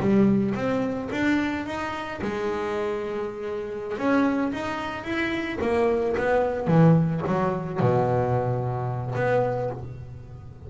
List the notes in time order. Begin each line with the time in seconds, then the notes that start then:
0.00 G3
0.55 C4
1.11 D4
1.66 D#4
2.21 G#3
3.97 C#4
4.52 D#4
5.04 E4
5.61 A#3
6.17 B3
6.67 E3
7.27 F#3
7.80 B2
9.15 B3